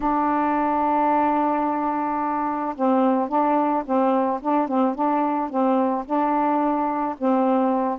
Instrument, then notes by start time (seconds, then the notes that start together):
saxophone
0.00 D4
2.75 C4
3.28 D4
3.85 C4
4.41 D4
4.68 C4
4.94 D4
5.49 C4
6.05 D4
7.18 C4